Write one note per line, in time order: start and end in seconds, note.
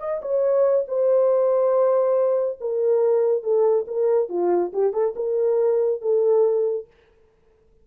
0.00 0.21 D#5
0.22 0.86 C#5
0.88 2.59 C5
2.61 3.43 A#4
3.43 3.86 A4
3.88 4.30 A#4
4.30 4.72 F4
4.73 4.93 G4
4.93 5.15 A4
5.16 6.02 A#4
6.02 6.87 A4